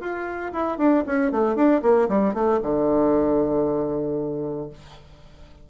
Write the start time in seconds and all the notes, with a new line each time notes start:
0.00 F4
0.52 E4
0.77 D4
1.06 C#4
1.31 A3
1.55 D4
1.82 A#3
2.08 G3
2.33 A3
2.62 D3